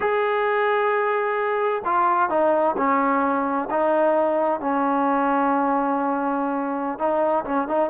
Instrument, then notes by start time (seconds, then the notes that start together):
trombone
0.00 G#4
1.84 F4
2.29 D#4
2.77 C#4
3.70 D#4
4.60 C#4
6.98 D#4
7.44 C#4
7.68 D#4